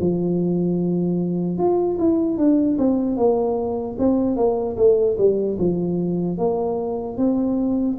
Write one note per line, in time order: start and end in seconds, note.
0.00 1.58 F3
1.58 1.98 F4
1.99 2.37 E4
2.37 2.77 D4
2.79 3.17 C4
3.17 3.97 A#3
3.99 4.36 C4
4.36 4.76 A#3
4.77 5.17 A3
5.18 5.58 G3
5.59 6.38 F3
6.38 7.17 A#3
7.17 7.97 C4